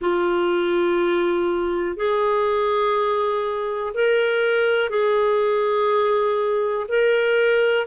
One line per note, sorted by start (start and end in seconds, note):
0.00 1.96 F4
1.96 3.93 G#4
3.93 4.89 A#4
4.89 6.86 G#4
6.88 7.86 A#4